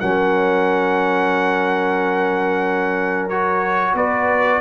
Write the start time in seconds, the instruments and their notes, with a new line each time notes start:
0.00 tuba F#3, trombone C#4, horn A#4, trumpet F#5
3.29 trombone F#4, trumpet C#5
3.94 tuba B3, horn B4, trumpet D5